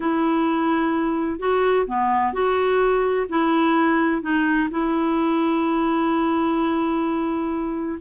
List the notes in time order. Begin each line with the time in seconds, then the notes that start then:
0.00 E4
1.39 F#4
1.86 B3
2.33 F#4
3.29 E4
4.22 D#4
4.70 E4